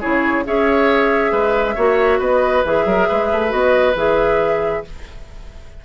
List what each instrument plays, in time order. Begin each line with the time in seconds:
0.00 bassoon C#3, clarinet E4, oboe G#4, flute C#5
0.45 bassoon C#4, clarinet G#4, oboe C#5, flute E5
1.32 bassoon G#3, oboe B4
1.75 bassoon A#3, clarinet F#4, oboe C#5
2.19 bassoon B3, oboe B4, flute D#5
2.65 bassoon E3, clarinet G#4, flute E5
2.85 bassoon F#3, oboe A#4
3.08 bassoon G#3, oboe B4
3.32 bassoon A3
3.48 bassoon B3, clarinet F#4, flute D#5
3.94 bassoon E3, clarinet G#4, flute E5